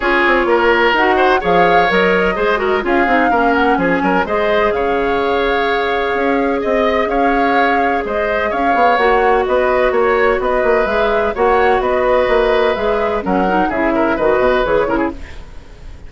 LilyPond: <<
  \new Staff \with { instrumentName = "flute" } { \time 4/4 \tempo 4 = 127 cis''2 fis''4 f''4 | dis''2 f''4. fis''8 | gis''4 dis''4 f''2~ | f''2 dis''4 f''4~ |
f''4 dis''4 f''4 fis''4 | dis''4 cis''4 dis''4 e''4 | fis''4 dis''2 e''4 | fis''4 e''4 dis''4 cis''4 | }
  \new Staff \with { instrumentName = "oboe" } { \time 4/4 gis'4 ais'4. c''8 cis''4~ | cis''4 c''8 ais'8 gis'4 ais'4 | gis'8 ais'8 c''4 cis''2~ | cis''2 dis''4 cis''4~ |
cis''4 c''4 cis''2 | b'4 cis''4 b'2 | cis''4 b'2. | ais'4 gis'8 ais'8 b'4. ais'16 gis'16 | }
  \new Staff \with { instrumentName = "clarinet" } { \time 4/4 f'2 fis'4 gis'4 | ais'4 gis'8 fis'8 f'8 dis'8 cis'4~ | cis'4 gis'2.~ | gis'1~ |
gis'2. fis'4~ | fis'2. gis'4 | fis'2. gis'4 | cis'8 dis'8 e'4 fis'4 gis'8 e'8 | }
  \new Staff \with { instrumentName = "bassoon" } { \time 4/4 cis'8 c'8 ais4 dis'4 f4 | fis4 gis4 cis'8 c'8 ais4 | f8 fis8 gis4 cis2~ | cis4 cis'4 c'4 cis'4~ |
cis'4 gis4 cis'8 b8 ais4 | b4 ais4 b8 ais8 gis4 | ais4 b4 ais4 gis4 | fis4 cis4 dis8 b,8 e8 cis8 | }
>>